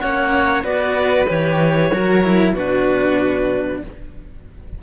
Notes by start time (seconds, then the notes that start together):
0.00 A#3 C#4 C#5 F#5
0.63 B3 F#4 B4 D5
1.28 E3 G4 C#5
1.92 F#3 F#4 A#4
2.24 E4
2.53 B2 D4 F#4 B4